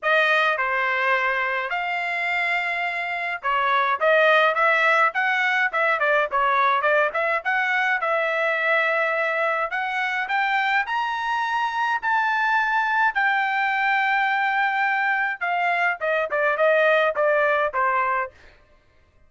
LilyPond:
\new Staff \with { instrumentName = "trumpet" } { \time 4/4 \tempo 4 = 105 dis''4 c''2 f''4~ | f''2 cis''4 dis''4 | e''4 fis''4 e''8 d''8 cis''4 | d''8 e''8 fis''4 e''2~ |
e''4 fis''4 g''4 ais''4~ | ais''4 a''2 g''4~ | g''2. f''4 | dis''8 d''8 dis''4 d''4 c''4 | }